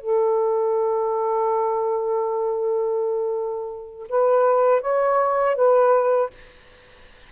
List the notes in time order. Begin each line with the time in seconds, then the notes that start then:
0.00 A4
4.09 B4
4.81 C#5
5.56 B4